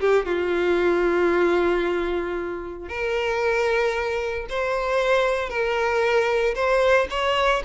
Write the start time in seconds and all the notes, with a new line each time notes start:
0.00 G4
0.25 F4
2.88 A#4
4.49 C5
5.49 A#4
6.55 C5
7.10 C#5